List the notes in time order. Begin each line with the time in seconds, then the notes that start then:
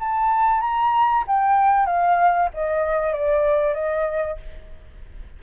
0.00 A5
0.61 A#5
1.27 G5
1.86 F5
2.54 D#5
3.13 D5
3.74 D#5